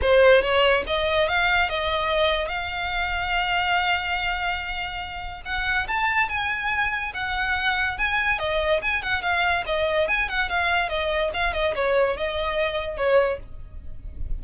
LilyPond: \new Staff \with { instrumentName = "violin" } { \time 4/4 \tempo 4 = 143 c''4 cis''4 dis''4 f''4 | dis''2 f''2~ | f''1~ | f''4 fis''4 a''4 gis''4~ |
gis''4 fis''2 gis''4 | dis''4 gis''8 fis''8 f''4 dis''4 | gis''8 fis''8 f''4 dis''4 f''8 dis''8 | cis''4 dis''2 cis''4 | }